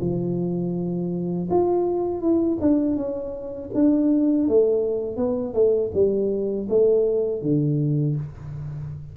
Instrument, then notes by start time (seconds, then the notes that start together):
tuba
0.00 F3
1.50 F4
2.21 E4
2.61 D4
2.96 C#4
3.74 D4
4.48 A3
5.16 B3
5.54 A3
5.94 G3
6.69 A3
7.41 D3